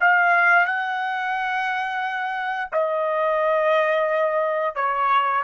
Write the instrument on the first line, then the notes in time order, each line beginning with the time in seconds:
trumpet
0.00 F5
0.66 F#5
2.72 D#5
4.75 C#5